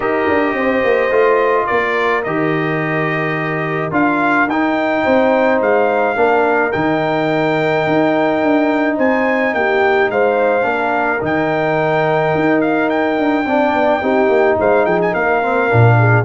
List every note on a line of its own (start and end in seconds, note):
0.00 0.27 D#4
0.00 1.11 G4
0.00 0.56 A#4
0.00 1.66 D#5
0.27 0.53 D4
0.53 0.81 C4
0.53 1.67 C5
0.83 1.10 A#3
1.10 1.66 A3
1.10 2.23 F4
1.66 2.26 A#3
1.66 5.03 A#4
1.66 2.22 D5
2.23 3.91 D#3
2.23 3.91 G4
2.23 3.91 D#5
3.91 4.47 D4
3.91 4.47 F4
3.91 4.49 F5
4.47 5.03 D#4
4.47 6.15 D#4
4.47 5.61 G5
5.03 5.61 C4
5.03 6.15 C5
5.61 6.15 G#3
5.61 6.72 F5
6.15 6.71 A#3
6.15 6.71 D4
6.15 8.96 A#4
6.72 7.86 D#3
6.72 10.61 D#4
6.72 8.96 G5
7.86 8.42 D#4
8.42 8.98 D4
8.96 9.54 C4
8.96 9.52 C5
8.96 9.54 G#5
9.54 10.09 A#3
9.54 10.11 G4
9.54 10.10 G5
10.09 10.64 G#3
10.09 10.66 C5
10.09 11.23 F5
10.61 11.20 A#3
10.61 11.17 D4
10.61 13.47 A#4
11.20 12.34 D#3
11.20 13.44 D#4
11.20 12.61 G5
12.35 13.19 D#4
12.61 12.89 F5
12.89 14.57 G5
13.19 13.46 D4
13.46 13.73 C4
13.46 14.02 D4
13.46 14.02 D5
13.73 14.01 B3
14.02 14.28 C4
14.02 15.42 D#4
14.02 14.58 G4
14.28 14.56 A#3
14.59 14.86 G#3
14.59 14.86 C5
14.59 14.85 F5
14.85 15.14 F3
14.85 15.12 G#4
14.85 14.99 G5
15.01 15.14 G#5
15.12 15.70 A#3
15.12 15.96 A#4
15.12 16.24 F5
15.42 15.68 C4
15.68 16.24 A#2
15.68 16.24 D4
15.98 16.24 G#4